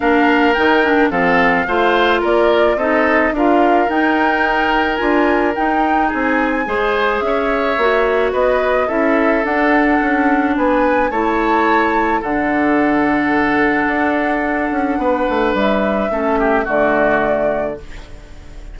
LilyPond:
<<
  \new Staff \with { instrumentName = "flute" } { \time 4/4 \tempo 4 = 108 f''4 g''4 f''2 | d''4 dis''4 f''4 g''4~ | g''4 gis''4 g''4 gis''4~ | gis''4 e''2 dis''4 |
e''4 fis''2 gis''4 | a''2 fis''2~ | fis''1 | e''2 d''2 | }
  \new Staff \with { instrumentName = "oboe" } { \time 4/4 ais'2 a'4 c''4 | ais'4 a'4 ais'2~ | ais'2. gis'4 | c''4 cis''2 b'4 |
a'2. b'4 | cis''2 a'2~ | a'2. b'4~ | b'4 a'8 g'8 fis'2 | }
  \new Staff \with { instrumentName = "clarinet" } { \time 4/4 d'4 dis'8 d'8 c'4 f'4~ | f'4 dis'4 f'4 dis'4~ | dis'4 f'4 dis'2 | gis'2 fis'2 |
e'4 d'2. | e'2 d'2~ | d'1~ | d'4 cis'4 a2 | }
  \new Staff \with { instrumentName = "bassoon" } { \time 4/4 ais4 dis4 f4 a4 | ais4 c'4 d'4 dis'4~ | dis'4 d'4 dis'4 c'4 | gis4 cis'4 ais4 b4 |
cis'4 d'4 cis'4 b4 | a2 d2~ | d4 d'4. cis'8 b8 a8 | g4 a4 d2 | }
>>